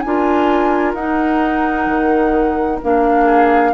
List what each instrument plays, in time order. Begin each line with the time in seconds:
0.00 bassoon D4, clarinet F4, oboe A#4, flute G#5
0.94 bassoon D#4, clarinet D#4, flute F#5
1.86 bassoon D#3
2.82 bassoon A#3, clarinet D4, flute F5
3.24 oboe G#4